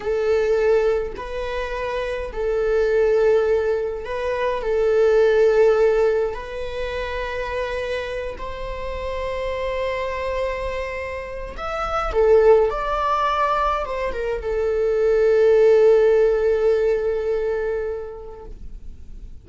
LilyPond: \new Staff \with { instrumentName = "viola" } { \time 4/4 \tempo 4 = 104 a'2 b'2 | a'2. b'4 | a'2. b'4~ | b'2~ b'8 c''4.~ |
c''1 | e''4 a'4 d''2 | c''8 ais'8 a'2.~ | a'1 | }